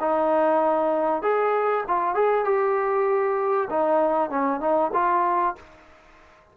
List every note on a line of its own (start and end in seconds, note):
0.00 1.22 D#4
1.22 1.84 G#4
1.87 2.14 F4
2.14 2.44 G#4
2.44 3.68 G4
3.69 4.30 D#4
4.30 4.60 C#4
4.60 4.91 D#4
4.93 5.55 F4